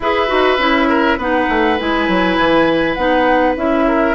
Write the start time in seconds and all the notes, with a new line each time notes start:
0.00 E4 G#4 B4 E5
0.27 D#4 F#4
0.58 C#4 E4
0.88 A#4
1.17 B3 D#4 B4 F#5
1.49 A3
1.78 G#3 E4 G#5
2.08 F#3
2.38 E3
2.93 B3 D#4 F#5
3.56 C#4 E4 E5
3.87 A#4